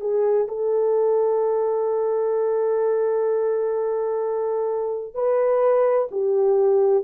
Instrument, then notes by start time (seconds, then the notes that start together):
horn
0.00 G#4
0.48 A4
5.14 B4
6.11 G4